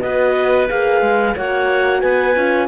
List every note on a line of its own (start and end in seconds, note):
0.00 0.69 B3
0.00 0.68 F#4
0.00 1.33 B4
0.00 0.67 D#5
0.68 1.01 A#3
0.68 1.35 G#4
0.68 1.35 F5
1.01 1.34 G#3
1.35 2.02 A#3
1.35 2.35 F#4
1.35 2.00 C#5
1.35 2.00 F#5
2.00 2.36 B3
2.00 2.67 B4
2.00 2.67 G#5
2.35 2.68 C#4
2.35 2.68 F4